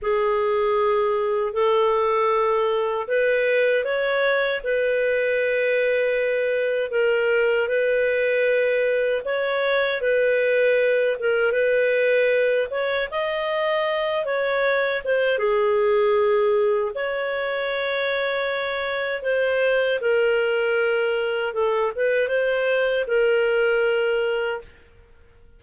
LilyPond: \new Staff \with { instrumentName = "clarinet" } { \time 4/4 \tempo 4 = 78 gis'2 a'2 | b'4 cis''4 b'2~ | b'4 ais'4 b'2 | cis''4 b'4. ais'8 b'4~ |
b'8 cis''8 dis''4. cis''4 c''8 | gis'2 cis''2~ | cis''4 c''4 ais'2 | a'8 b'8 c''4 ais'2 | }